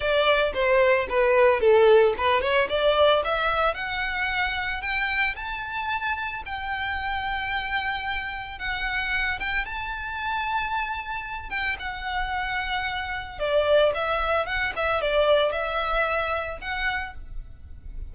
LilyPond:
\new Staff \with { instrumentName = "violin" } { \time 4/4 \tempo 4 = 112 d''4 c''4 b'4 a'4 | b'8 cis''8 d''4 e''4 fis''4~ | fis''4 g''4 a''2 | g''1 |
fis''4. g''8 a''2~ | a''4. g''8 fis''2~ | fis''4 d''4 e''4 fis''8 e''8 | d''4 e''2 fis''4 | }